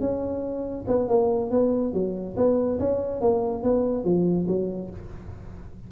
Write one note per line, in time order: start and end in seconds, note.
0.00 0.85 C#4
0.87 1.08 B3
1.08 1.51 A#3
1.51 1.93 B3
1.94 2.36 F#3
2.37 2.79 B3
2.79 3.21 C#4
3.21 3.63 A#3
3.63 4.04 B3
4.04 4.47 F3
4.48 4.90 F#3